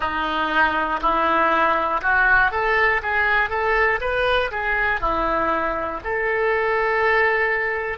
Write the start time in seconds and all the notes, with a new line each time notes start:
0.00 D#4
1.00 E4
2.01 F#4
2.50 A4
3.02 G#4
3.49 A4
4.00 B4
4.51 G#4
5.00 E4
6.04 A4